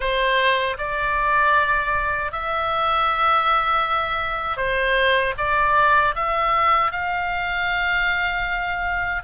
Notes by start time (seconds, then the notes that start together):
0.00 C5
0.78 D5
2.31 E5
4.57 C5
5.37 D5
6.15 E5
6.91 F5